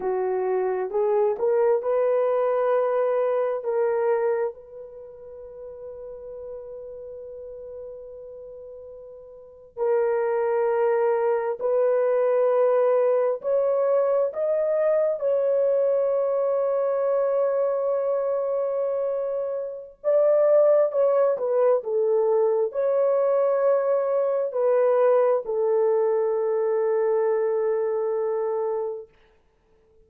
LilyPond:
\new Staff \with { instrumentName = "horn" } { \time 4/4 \tempo 4 = 66 fis'4 gis'8 ais'8 b'2 | ais'4 b'2.~ | b'2~ b'8. ais'4~ ais'16~ | ais'8. b'2 cis''4 dis''16~ |
dis''8. cis''2.~ cis''16~ | cis''2 d''4 cis''8 b'8 | a'4 cis''2 b'4 | a'1 | }